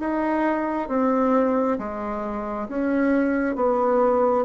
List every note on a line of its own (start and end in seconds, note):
0.00 0.89 D#4
0.89 1.78 C4
1.79 2.68 G#3
2.69 3.56 C#4
3.56 4.45 B3